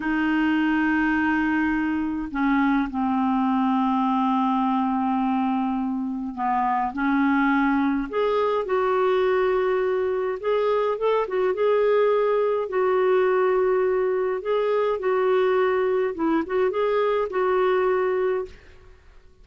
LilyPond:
\new Staff \with { instrumentName = "clarinet" } { \time 4/4 \tempo 4 = 104 dis'1 | cis'4 c'2.~ | c'2. b4 | cis'2 gis'4 fis'4~ |
fis'2 gis'4 a'8 fis'8 | gis'2 fis'2~ | fis'4 gis'4 fis'2 | e'8 fis'8 gis'4 fis'2 | }